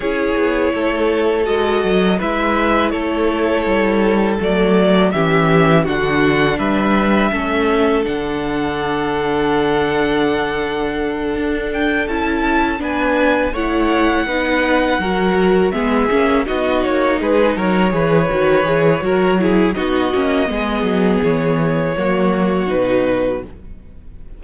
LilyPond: <<
  \new Staff \with { instrumentName = "violin" } { \time 4/4 \tempo 4 = 82 cis''2 dis''4 e''4 | cis''2 d''4 e''4 | fis''4 e''2 fis''4~ | fis''1 |
g''8 a''4 gis''4 fis''4.~ | fis''4. e''4 dis''8 cis''8 b'8 | cis''2. dis''4~ | dis''4 cis''2 b'4 | }
  \new Staff \with { instrumentName = "violin" } { \time 4/4 gis'4 a'2 b'4 | a'2. g'4 | fis'4 b'4 a'2~ | a'1~ |
a'4. b'4 cis''4 b'8~ | b'8 ais'4 gis'4 fis'4 gis'8 | ais'8 b'4. ais'8 gis'8 fis'4 | gis'2 fis'2 | }
  \new Staff \with { instrumentName = "viola" } { \time 4/4 e'2 fis'4 e'4~ | e'2 a4 cis'4 | d'2 cis'4 d'4~ | d'1~ |
d'8 e'4 d'4 e'4 dis'8~ | dis'8 fis'4 b8 cis'8 dis'4.~ | dis'8 gis'8 fis'8 gis'8 fis'8 e'8 dis'8 cis'8 | b2 ais4 dis'4 | }
  \new Staff \with { instrumentName = "cello" } { \time 4/4 cis'8 b8 a4 gis8 fis8 gis4 | a4 g4 fis4 e4 | d4 g4 a4 d4~ | d2.~ d8 d'8~ |
d'8 cis'4 b4 a4 b8~ | b8 fis4 gis8 ais8 b8 ais8 gis8 | fis8 e8 dis8 e8 fis4 b8 ais8 | gis8 fis8 e4 fis4 b,4 | }
>>